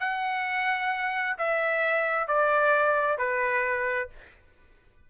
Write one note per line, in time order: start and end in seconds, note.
0.00 1.36 F#5
1.38 2.27 E5
2.27 3.18 D5
3.18 4.09 B4